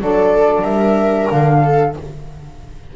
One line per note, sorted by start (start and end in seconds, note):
0.00 0.62 F#3
0.00 1.94 D4
0.00 0.62 A4
0.00 0.64 D5
0.62 1.26 G3
0.62 1.59 A#4
0.62 1.29 E5
1.30 1.96 D3
1.30 1.94 F5
1.63 1.95 A4